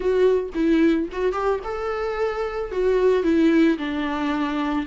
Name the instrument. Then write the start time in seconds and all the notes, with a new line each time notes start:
viola
0.00 F#4
0.54 E4
1.12 F#4
1.32 G4
1.64 A4
2.71 F#4
3.23 E4
3.78 D4